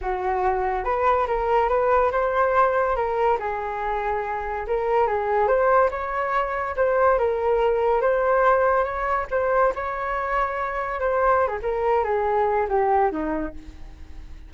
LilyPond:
\new Staff \with { instrumentName = "flute" } { \time 4/4 \tempo 4 = 142 fis'2 b'4 ais'4 | b'4 c''2 ais'4 | gis'2. ais'4 | gis'4 c''4 cis''2 |
c''4 ais'2 c''4~ | c''4 cis''4 c''4 cis''4~ | cis''2 c''4~ c''16 gis'16 ais'8~ | ais'8 gis'4. g'4 dis'4 | }